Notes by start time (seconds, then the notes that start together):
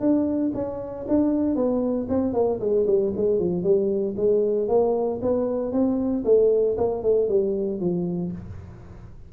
0.00 D4
0.54 C#4
1.08 D4
1.55 B3
2.09 C4
2.33 A#3
2.60 G#3
2.86 G3
3.16 G#3
3.39 F3
3.63 G3
4.17 G#3
4.68 A#3
5.22 B3
5.72 C4
6.25 A3
6.77 A#3
7.03 A3
7.28 G3
7.80 F3